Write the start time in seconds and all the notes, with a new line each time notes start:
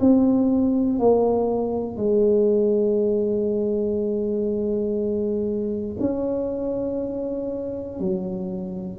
0.00 C4
1.00 A#3
1.97 G#3
6.00 C#4
8.00 F#3